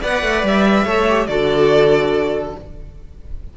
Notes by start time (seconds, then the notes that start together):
0.00 B3 B4 D5 F#5
0.22 A3
0.43 G3 E5
0.85 A3 A4 C#5
1.09 G4
1.27 D3 F#4 A4 D5